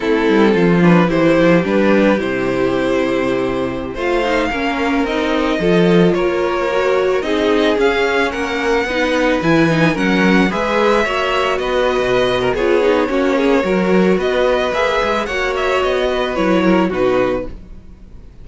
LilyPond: <<
  \new Staff \with { instrumentName = "violin" } { \time 4/4 \tempo 4 = 110 a'4. b'8 c''4 b'4 | c''2.~ c''16 f''8.~ | f''4~ f''16 dis''2 cis''8.~ | cis''4~ cis''16 dis''4 f''4 fis''8.~ |
fis''4~ fis''16 gis''4 fis''4 e''8.~ | e''4~ e''16 dis''4.~ dis''16 cis''4~ | cis''2 dis''4 e''4 | fis''8 e''8 dis''4 cis''4 b'4 | }
  \new Staff \with { instrumentName = "violin" } { \time 4/4 e'4 f'4 g'2~ | g'2.~ g'16 c''8.~ | c''16 ais'2 a'4 ais'8.~ | ais'4~ ais'16 gis'2 ais'8.~ |
ais'16 b'2 ais'4 b'8.~ | b'16 cis''4 b'4. ais'16 gis'4 | fis'8 gis'8 ais'4 b'2 | cis''4. b'4 ais'8 fis'4 | }
  \new Staff \with { instrumentName = "viola" } { \time 4/4 c'4. d'8 e'4 d'4 | e'2.~ e'16 f'8 dis'16~ | dis'16 cis'4 dis'4 f'4.~ f'16~ | f'16 fis'4 dis'4 cis'4.~ cis'16~ |
cis'16 dis'4 e'8 dis'8 cis'4 gis'8.~ | gis'16 fis'2~ fis'8. f'8 dis'8 | cis'4 fis'2 gis'4 | fis'2 e'4 dis'4 | }
  \new Staff \with { instrumentName = "cello" } { \time 4/4 a8 g8 f4 e8 f8 g4 | c2.~ c16 a8.~ | a16 ais4 c'4 f4 ais8.~ | ais4~ ais16 c'4 cis'4 ais8.~ |
ais16 b4 e4 fis4 gis8.~ | gis16 ais4 b8. b,4 b4 | ais4 fis4 b4 ais8 gis8 | ais4 b4 fis4 b,4 | }
>>